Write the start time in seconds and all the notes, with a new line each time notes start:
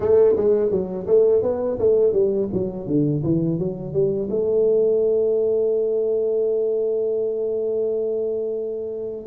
0.00 A3
0.36 G#3
0.70 F#3
1.06 A3
1.42 B3
1.79 A3
2.12 G3
2.52 F#3
2.86 D3
3.23 E3
3.58 F#3
3.93 G3
4.30 A3